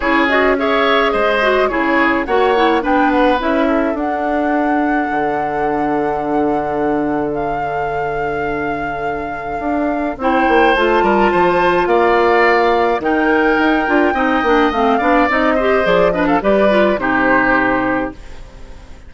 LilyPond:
<<
  \new Staff \with { instrumentName = "flute" } { \time 4/4 \tempo 4 = 106 cis''8 dis''8 e''4 dis''4 cis''4 | fis''4 g''8 fis''8 e''4 fis''4~ | fis''1~ | fis''4 f''2.~ |
f''2 g''4 a''4~ | a''4 f''2 g''4~ | g''2 f''4 dis''4 | d''8 dis''16 f''16 d''4 c''2 | }
  \new Staff \with { instrumentName = "oboe" } { \time 4/4 gis'4 cis''4 c''4 gis'4 | cis''4 b'4. a'4.~ | a'1~ | a'1~ |
a'2 c''4. ais'8 | c''4 d''2 ais'4~ | ais'4 dis''4. d''4 c''8~ | c''8 b'16 a'16 b'4 g'2 | }
  \new Staff \with { instrumentName = "clarinet" } { \time 4/4 e'8 fis'8 gis'4. fis'8 e'4 | fis'8 e'8 d'4 e'4 d'4~ | d'1~ | d'1~ |
d'2 e'4 f'4~ | f'2. dis'4~ | dis'8 f'8 dis'8 d'8 c'8 d'8 dis'8 g'8 | gis'8 d'8 g'8 f'8 dis'2 | }
  \new Staff \with { instrumentName = "bassoon" } { \time 4/4 cis'2 gis4 cis4 | ais4 b4 cis'4 d'4~ | d'4 d2.~ | d1~ |
d4 d'4 c'8 ais8 a8 g8 | f4 ais2 dis4 | dis'8 d'8 c'8 ais8 a8 b8 c'4 | f4 g4 c2 | }
>>